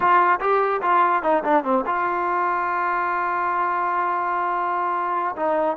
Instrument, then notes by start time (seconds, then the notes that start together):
trombone
0.00 F4
0.40 G4
0.82 F4
1.22 D#4
1.44 D4
1.64 C4
1.86 F4
5.36 D#4